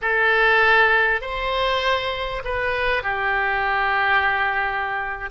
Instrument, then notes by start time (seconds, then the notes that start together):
oboe
0.01 A4
1.21 C5
2.44 B4
3.02 G4